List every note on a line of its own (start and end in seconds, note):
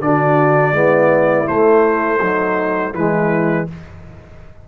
0.00 0.73 D3
0.00 0.75 D4
0.00 0.74 F#4
0.00 1.48 D5
0.73 1.46 G#3
0.73 1.46 B3
0.73 2.19 E4
1.46 2.19 A3
1.46 2.94 A3
1.46 2.94 C5
2.19 2.95 F#3
2.19 2.93 D#4
2.94 3.67 E3
2.94 3.68 G#3
2.94 3.68 E4
2.94 3.68 B4